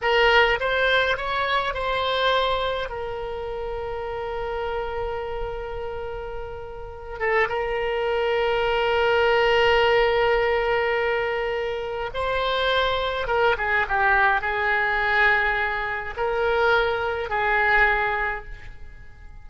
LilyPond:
\new Staff \with { instrumentName = "oboe" } { \time 4/4 \tempo 4 = 104 ais'4 c''4 cis''4 c''4~ | c''4 ais'2.~ | ais'1~ | ais'8 a'8 ais'2.~ |
ais'1~ | ais'4 c''2 ais'8 gis'8 | g'4 gis'2. | ais'2 gis'2 | }